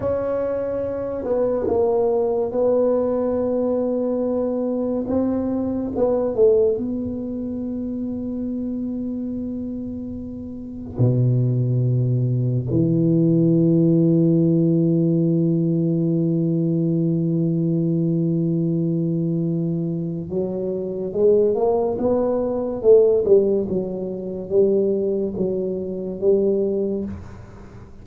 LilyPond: \new Staff \with { instrumentName = "tuba" } { \time 4/4 \tempo 4 = 71 cis'4. b8 ais4 b4~ | b2 c'4 b8 a8 | b1~ | b4 b,2 e4~ |
e1~ | e1 | fis4 gis8 ais8 b4 a8 g8 | fis4 g4 fis4 g4 | }